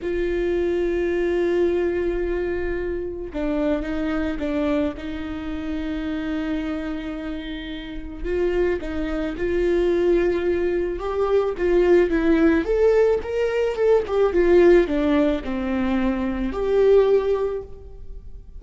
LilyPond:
\new Staff \with { instrumentName = "viola" } { \time 4/4 \tempo 4 = 109 f'1~ | f'2 d'4 dis'4 | d'4 dis'2.~ | dis'2. f'4 |
dis'4 f'2. | g'4 f'4 e'4 a'4 | ais'4 a'8 g'8 f'4 d'4 | c'2 g'2 | }